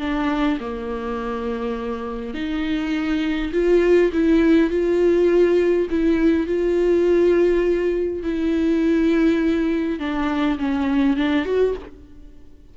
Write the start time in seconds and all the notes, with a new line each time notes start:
0.00 D4
0.60 A#3
2.35 D#4
3.53 F4
4.13 E4
4.71 F4
5.91 E4
6.47 F4
8.24 E4
10.00 D4
10.59 C#4
11.17 D4
11.46 F#4